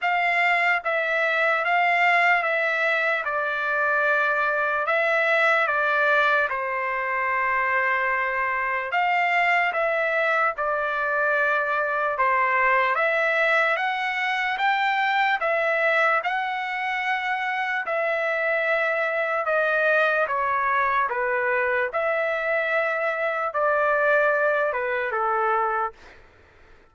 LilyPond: \new Staff \with { instrumentName = "trumpet" } { \time 4/4 \tempo 4 = 74 f''4 e''4 f''4 e''4 | d''2 e''4 d''4 | c''2. f''4 | e''4 d''2 c''4 |
e''4 fis''4 g''4 e''4 | fis''2 e''2 | dis''4 cis''4 b'4 e''4~ | e''4 d''4. b'8 a'4 | }